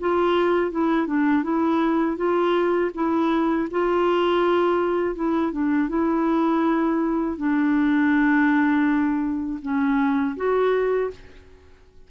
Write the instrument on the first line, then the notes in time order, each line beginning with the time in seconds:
clarinet
0.00 F4
0.71 E4
1.07 D4
1.43 E4
2.17 F4
2.94 E4
3.71 F4
5.15 E4
5.52 D4
5.89 E4
7.37 D4
9.62 C#4
10.36 F#4